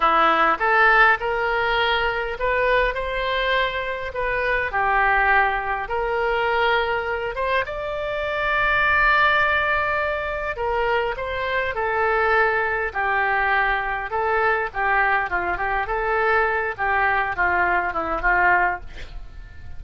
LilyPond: \new Staff \with { instrumentName = "oboe" } { \time 4/4 \tempo 4 = 102 e'4 a'4 ais'2 | b'4 c''2 b'4 | g'2 ais'2~ | ais'8 c''8 d''2.~ |
d''2 ais'4 c''4 | a'2 g'2 | a'4 g'4 f'8 g'8 a'4~ | a'8 g'4 f'4 e'8 f'4 | }